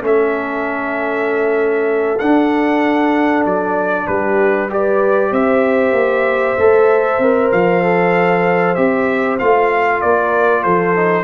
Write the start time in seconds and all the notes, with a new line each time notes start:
0.00 A3 C#4 A4
0.06 E5
2.18 D4 F#5
3.45 F#3 D5
4.07 G3 G4 B4
4.69 G4 B4 D5
5.31 C4 C5 E5
5.92 A#3
6.57 A3 A4
7.18 C4 A#4
7.51 F3 F5
7.83 A4
8.74 C4 G4 E5
9.38 A3 F4 F5
10.01 A#3 A#4 D5
10.63 F3 A4 C5
10.95 D#4